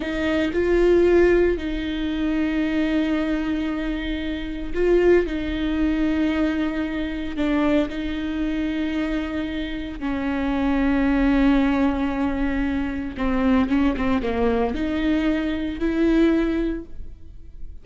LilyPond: \new Staff \with { instrumentName = "viola" } { \time 4/4 \tempo 4 = 114 dis'4 f'2 dis'4~ | dis'1~ | dis'4 f'4 dis'2~ | dis'2 d'4 dis'4~ |
dis'2. cis'4~ | cis'1~ | cis'4 c'4 cis'8 c'8 ais4 | dis'2 e'2 | }